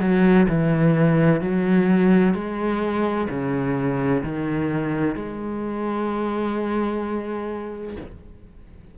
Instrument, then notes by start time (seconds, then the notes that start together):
cello
0.00 F#3
0.49 E3
1.41 F#3
2.34 G#3
3.29 C#3
4.24 D#3
5.15 G#3